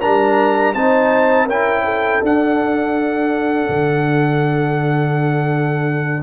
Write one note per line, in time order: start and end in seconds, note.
0.00 0.75 G3
0.00 0.75 D4
0.00 0.73 A#4
0.00 0.74 A#5
0.74 1.46 C4
0.74 1.48 D#4
0.74 1.45 C5
0.74 1.47 A5
1.45 2.19 C#4
1.45 2.22 E4
1.45 1.82 A#4
1.45 2.23 G5
1.84 6.23 A4
2.22 3.68 D4
2.22 6.23 D4
2.22 6.23 F#5
3.69 6.23 D3